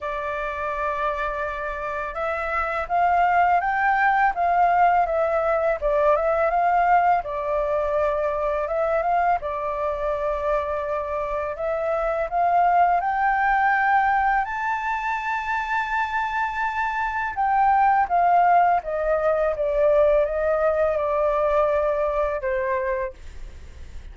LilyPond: \new Staff \with { instrumentName = "flute" } { \time 4/4 \tempo 4 = 83 d''2. e''4 | f''4 g''4 f''4 e''4 | d''8 e''8 f''4 d''2 | e''8 f''8 d''2. |
e''4 f''4 g''2 | a''1 | g''4 f''4 dis''4 d''4 | dis''4 d''2 c''4 | }